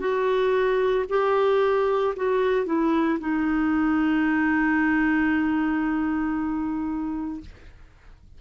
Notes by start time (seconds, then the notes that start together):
0.00 F#4
1.09 G4
2.16 F#4
2.66 E4
3.20 D#4